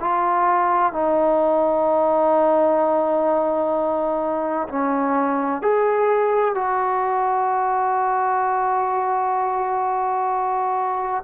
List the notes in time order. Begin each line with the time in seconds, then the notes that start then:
0.00 F4
0.93 D#4
4.68 C#4
5.62 G#4
6.55 F#4